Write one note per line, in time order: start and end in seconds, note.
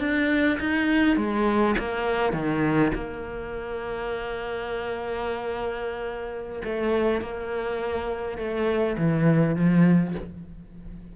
0.00 0.59 D4
0.60 1.17 D#4
1.17 1.75 G#3
1.79 2.33 A#3
2.33 2.92 D#3
2.94 6.62 A#3
6.64 7.21 A3
7.21 8.38 A#3
8.38 8.97 A3
8.98 9.56 E3
9.56 10.14 F3